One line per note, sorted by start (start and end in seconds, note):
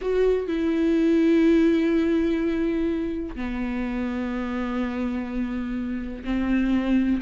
0.01 0.47 F#4
0.47 3.35 E4
3.35 6.23 B3
6.24 7.20 C4